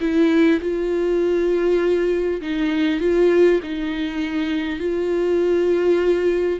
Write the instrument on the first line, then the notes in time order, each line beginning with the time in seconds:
viola
0.00 E4
0.61 F4
2.41 D#4
3.00 F4
3.63 D#4
4.79 F4